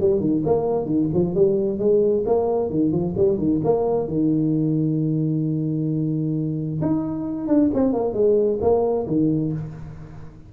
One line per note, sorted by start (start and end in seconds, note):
0.00 0.20 G3
0.20 0.43 D#3
0.46 0.86 A#3
0.86 1.08 D#3
1.14 1.35 F3
1.35 1.79 G3
1.79 2.24 G#3
2.26 2.70 A#3
2.70 2.92 D#3
2.92 3.15 F3
3.17 3.38 G3
3.38 3.61 D#3
3.64 4.08 A#3
4.08 6.80 D#3
6.82 7.48 D#4
7.48 7.70 D4
7.74 7.94 C4
7.94 8.14 A#3
8.14 8.59 G#3
8.61 9.07 A#3
9.07 9.52 D#3